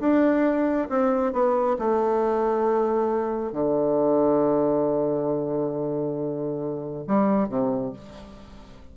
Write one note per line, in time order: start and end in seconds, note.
0.00 0.88 D4
0.89 1.33 C4
1.33 1.77 B3
1.79 3.52 A3
3.52 7.05 D3
7.07 7.49 G3
7.49 7.93 C3